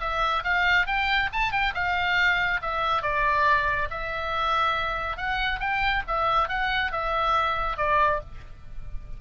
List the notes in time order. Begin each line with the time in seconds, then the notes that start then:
0.00 E5
0.43 F5
0.86 G5
1.32 A5
1.51 G5
1.74 F5
2.62 E5
3.02 D5
3.90 E5
5.17 F#5
5.59 G5
6.07 E5
6.48 F#5
6.91 E5
7.77 D5